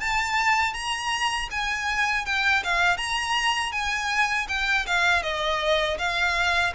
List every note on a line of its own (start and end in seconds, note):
0.00 0.74 A5
0.74 1.49 A#5
1.51 2.26 G#5
2.26 2.64 G5
2.64 2.98 F5
2.98 3.72 A#5
3.72 4.47 G#5
4.49 4.86 G5
4.87 5.23 F5
5.23 5.98 D#5
5.99 6.74 F5